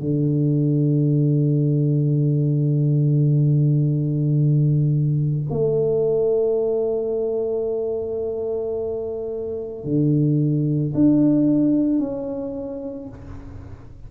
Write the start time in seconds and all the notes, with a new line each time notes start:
0.00 D3
5.50 A3
9.84 D3
10.94 D4
12.00 C#4